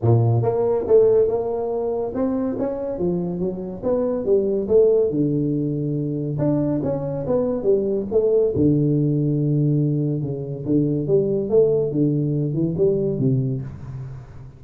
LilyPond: \new Staff \with { instrumentName = "tuba" } { \time 4/4 \tempo 4 = 141 ais,4 ais4 a4 ais4~ | ais4 c'4 cis'4 f4 | fis4 b4 g4 a4 | d2. d'4 |
cis'4 b4 g4 a4 | d1 | cis4 d4 g4 a4 | d4. e8 g4 c4 | }